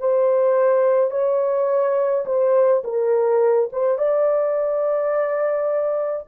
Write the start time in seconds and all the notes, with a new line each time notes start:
0.00 C5
1.11 C#5
2.26 C5
2.84 A#4
3.73 C5
3.98 D5